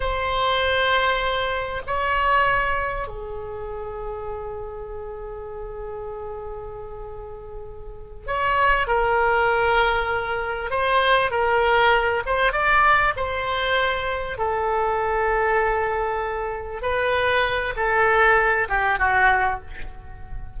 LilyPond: \new Staff \with { instrumentName = "oboe" } { \time 4/4 \tempo 4 = 98 c''2. cis''4~ | cis''4 gis'2.~ | gis'1~ | gis'4. cis''4 ais'4.~ |
ais'4. c''4 ais'4. | c''8 d''4 c''2 a'8~ | a'2.~ a'8 b'8~ | b'4 a'4. g'8 fis'4 | }